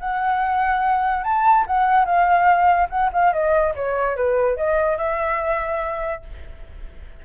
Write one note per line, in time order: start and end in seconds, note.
0.00 1.24 F#5
1.24 1.65 A5
1.67 2.05 F#5
2.05 2.89 F5
2.90 3.11 F#5
3.13 3.33 F5
3.33 3.74 D#5
3.75 4.16 C#5
4.16 4.57 B4
4.57 4.98 D#5
4.98 6.23 E5